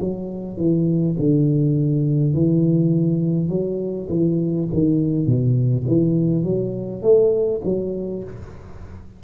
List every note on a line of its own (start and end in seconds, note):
0.00 0.57 F#3
0.57 1.16 E3
1.19 2.34 D3
2.34 3.49 E3
3.49 4.07 F#3
4.09 4.68 E3
4.73 5.26 D#3
5.26 5.84 B2
5.87 6.43 E3
6.43 7.02 F#3
7.02 7.60 A3
7.64 8.23 F#3